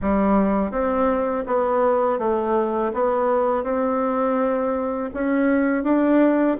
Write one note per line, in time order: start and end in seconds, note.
0.01 0.71 G3
0.71 1.44 C4
1.46 2.19 B3
2.19 2.92 A3
2.93 3.63 B3
3.63 5.10 C4
5.14 5.83 C#4
5.83 6.57 D4